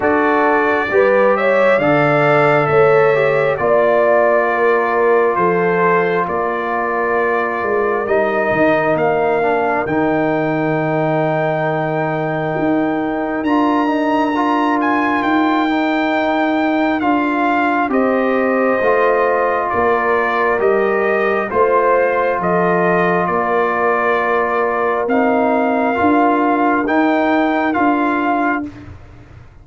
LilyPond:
<<
  \new Staff \with { instrumentName = "trumpet" } { \time 4/4 \tempo 4 = 67 d''4. e''8 f''4 e''4 | d''2 c''4 d''4~ | d''4 dis''4 f''4 g''4~ | g''2. ais''4~ |
ais''8 gis''8 g''2 f''4 | dis''2 d''4 dis''4 | c''4 dis''4 d''2 | f''2 g''4 f''4 | }
  \new Staff \with { instrumentName = "horn" } { \time 4/4 a'4 b'8 cis''8 d''4 cis''4 | d''4 ais'4 a'4 ais'4~ | ais'1~ | ais'1~ |
ais'1 | c''2 ais'2 | c''4 a'4 ais'2~ | ais'1 | }
  \new Staff \with { instrumentName = "trombone" } { \time 4/4 fis'4 g'4 a'4. g'8 | f'1~ | f'4 dis'4. d'8 dis'4~ | dis'2. f'8 dis'8 |
f'4. dis'4. f'4 | g'4 f'2 g'4 | f'1 | dis'4 f'4 dis'4 f'4 | }
  \new Staff \with { instrumentName = "tuba" } { \time 4/4 d'4 g4 d4 a4 | ais2 f4 ais4~ | ais8 gis8 g8 dis8 ais4 dis4~ | dis2 dis'4 d'4~ |
d'4 dis'2 d'4 | c'4 a4 ais4 g4 | a4 f4 ais2 | c'4 d'4 dis'4 d'4 | }
>>